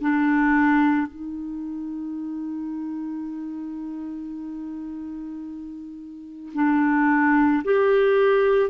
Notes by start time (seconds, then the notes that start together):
0.00 D4
1.07 D#4
6.54 D4
7.64 G4